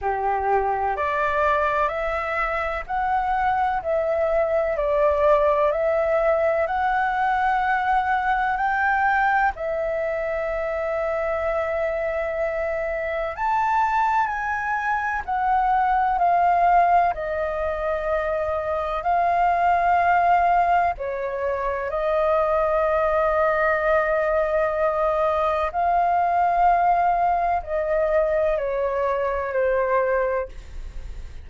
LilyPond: \new Staff \with { instrumentName = "flute" } { \time 4/4 \tempo 4 = 63 g'4 d''4 e''4 fis''4 | e''4 d''4 e''4 fis''4~ | fis''4 g''4 e''2~ | e''2 a''4 gis''4 |
fis''4 f''4 dis''2 | f''2 cis''4 dis''4~ | dis''2. f''4~ | f''4 dis''4 cis''4 c''4 | }